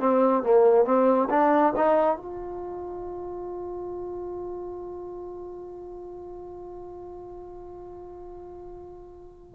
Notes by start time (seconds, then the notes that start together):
0.00 C4
0.43 A#3
0.85 C4
1.30 D4
1.76 D#4
2.17 F4